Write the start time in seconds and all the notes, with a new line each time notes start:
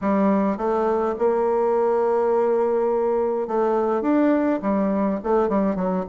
0.01 G3
0.57 A3
1.18 A#3
3.47 A3
4.01 D4
4.62 G3
5.23 A3
5.49 G3
5.75 F#3